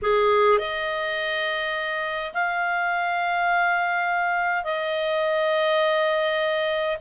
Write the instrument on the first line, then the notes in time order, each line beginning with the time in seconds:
clarinet
0.02 G#4
0.58 D#5
2.33 F5
4.64 D#5